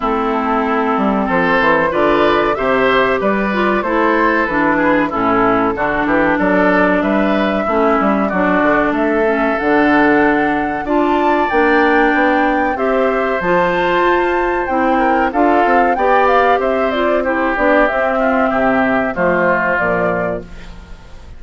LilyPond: <<
  \new Staff \with { instrumentName = "flute" } { \time 4/4 \tempo 4 = 94 a'2 c''4 d''4 | e''4 d''4 c''4 b'4 | a'2 d''4 e''4~ | e''4 d''4 e''4 fis''4~ |
fis''4 a''4 g''2 | e''4 a''2 g''4 | f''4 g''8 f''8 e''8 d''8 c''8 d''8 | e''2 c''4 d''4 | }
  \new Staff \with { instrumentName = "oboe" } { \time 4/4 e'2 a'4 b'4 | c''4 b'4 a'4. gis'8 | e'4 fis'8 g'8 a'4 b'4 | e'4 fis'4 a'2~ |
a'4 d''2. | c''2.~ c''8 ais'8 | a'4 d''4 c''4 g'4~ | g'8 f'8 g'4 f'2 | }
  \new Staff \with { instrumentName = "clarinet" } { \time 4/4 c'2. f'4 | g'4. f'8 e'4 d'4 | cis'4 d'2. | cis'4 d'4. cis'8 d'4~ |
d'4 f'4 d'2 | g'4 f'2 e'4 | f'4 g'4. f'8 e'8 d'8 | c'2 a4 f4 | }
  \new Staff \with { instrumentName = "bassoon" } { \time 4/4 a4. g8 f8 e8 d4 | c4 g4 a4 e4 | a,4 d8 e8 fis4 g4 | a8 g8 fis8 d8 a4 d4~ |
d4 d'4 ais4 b4 | c'4 f4 f'4 c'4 | d'8 c'8 b4 c'4. b8 | c'4 c4 f4 ais,4 | }
>>